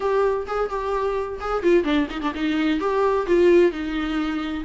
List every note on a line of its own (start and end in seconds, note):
0.00 0.46 G4
0.47 0.69 G#4
0.69 1.39 G4
1.40 1.62 G#4
1.62 1.84 F4
1.84 2.07 D4
2.10 2.21 D#4
2.21 2.33 D4
2.34 2.79 D#4
2.79 3.26 G4
3.27 3.71 F4
3.71 4.64 D#4